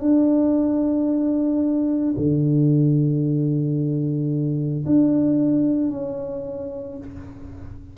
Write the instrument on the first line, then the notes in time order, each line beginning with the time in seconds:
tuba
0.00 D4
2.17 D3
4.86 D4
5.90 C#4